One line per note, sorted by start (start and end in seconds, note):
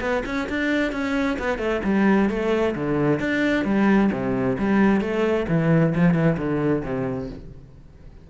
0.00 0.23 B3
0.25 0.48 C#4
0.49 0.92 D4
0.92 1.37 C#4
1.38 1.58 B3
1.58 1.81 A3
1.83 2.29 G3
2.29 2.74 A3
2.75 3.19 D3
3.19 3.64 D4
3.64 4.10 G3
4.12 4.57 C3
4.58 5.00 G3
5.00 5.46 A3
5.48 5.93 E3
5.94 6.14 F3
6.14 6.36 E3
6.37 6.83 D3
6.84 7.29 C3